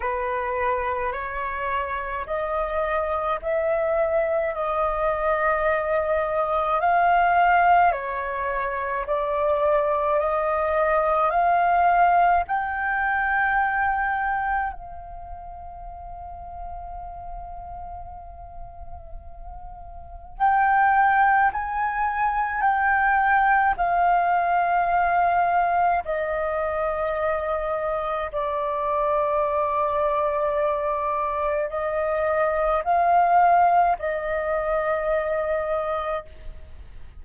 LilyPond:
\new Staff \with { instrumentName = "flute" } { \time 4/4 \tempo 4 = 53 b'4 cis''4 dis''4 e''4 | dis''2 f''4 cis''4 | d''4 dis''4 f''4 g''4~ | g''4 f''2.~ |
f''2 g''4 gis''4 | g''4 f''2 dis''4~ | dis''4 d''2. | dis''4 f''4 dis''2 | }